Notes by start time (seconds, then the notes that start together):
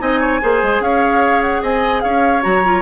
0.00 C4 D#4 D#5 G#5
0.20 C#5
0.41 A#3 G#4 C5
0.63 G#3
0.80 C#4 C#5 F5
1.42 F#5
1.62 C4 D#5 G#5
2.01 C#4 C#5 F5
2.42 F#3 F#4 A#5
2.64 F4